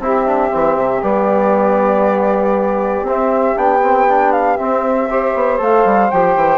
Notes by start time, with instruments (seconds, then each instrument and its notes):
0.00 bassoon C4, trombone E4, saxophone G4, flute E5
0.27 trombone D4
0.51 bassoon E3, trombone C4
0.76 bassoon C3
1.03 bassoon G3, trombone B3, flute D5
3.03 bassoon C4, trombone C4
3.09 flute E5
3.56 bassoon B3, trombone D4, flute G5
3.83 trombone C4
4.09 trombone D4
4.33 flute F5
4.57 trombone C4, bassoon C4, flute E5
5.10 trombone G4, saxophone C5
5.35 bassoon B3
5.58 bassoon A3, trombone A4, flute F5
5.85 bassoon G3
6.11 bassoon F3, trombone G4, flute G5
6.37 bassoon E3